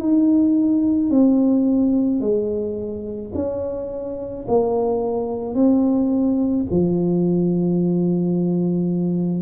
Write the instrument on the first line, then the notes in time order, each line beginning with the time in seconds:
tuba
0.00 D#4
1.11 C4
2.21 G#3
3.35 C#4
4.48 A#3
5.55 C4
6.71 F3